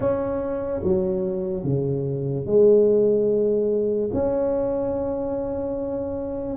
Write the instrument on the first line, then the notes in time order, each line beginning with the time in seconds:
tuba
0.00 C#4
0.83 F#3
1.63 C#3
2.45 G#3
4.13 C#4